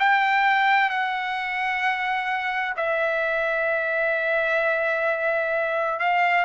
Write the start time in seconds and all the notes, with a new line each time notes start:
0.00 G5
0.90 F#5
2.77 E5
6.00 F5